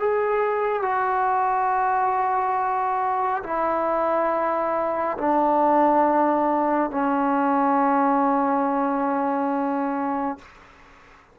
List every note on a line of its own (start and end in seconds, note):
0.00 0.83 G#4
0.83 3.43 F#4
3.44 5.18 E4
5.18 6.91 D4
6.91 10.39 C#4